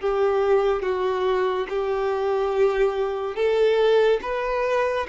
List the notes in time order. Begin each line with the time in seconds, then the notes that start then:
0.00 G4
0.82 F#4
1.69 G4
3.35 A4
4.22 B4